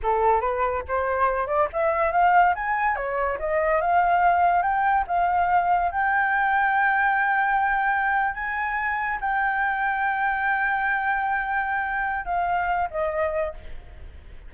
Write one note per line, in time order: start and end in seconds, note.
0.02 0.40 A4
0.40 0.83 B4
0.88 1.47 C5
1.47 1.68 D5
1.72 2.12 E5
2.12 2.54 F5
2.55 2.95 G#5
2.95 3.38 C#5
3.39 3.81 D#5
3.81 4.62 F5
4.62 5.04 G5
5.07 5.91 F5
5.91 8.34 G5
8.34 9.18 G#5
9.21 12.25 G5
12.25 12.88 F5
12.90 13.53 D#5